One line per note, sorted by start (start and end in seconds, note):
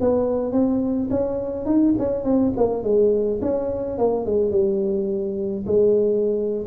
0.00 0.52 B3
0.52 1.09 C4
1.10 1.65 C#4
1.65 1.94 D#4
1.98 2.24 C#4
2.24 2.52 C4
2.57 2.83 A#3
2.83 3.40 G#3
3.41 3.98 C#4
3.98 4.25 A#3
4.25 4.51 G#3
4.51 5.65 G3
5.66 6.66 G#3